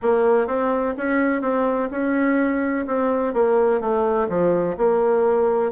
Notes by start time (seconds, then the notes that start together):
0.02 A#3
0.47 C4
0.97 C#4
1.41 C4
1.90 C#4
2.87 C4
3.33 A#3
3.80 A3
4.29 F3
4.77 A#3